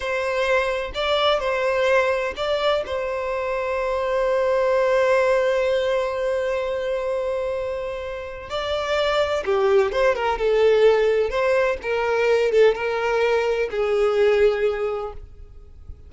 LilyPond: \new Staff \with { instrumentName = "violin" } { \time 4/4 \tempo 4 = 127 c''2 d''4 c''4~ | c''4 d''4 c''2~ | c''1~ | c''1~ |
c''2 d''2 | g'4 c''8 ais'8 a'2 | c''4 ais'4. a'8 ais'4~ | ais'4 gis'2. | }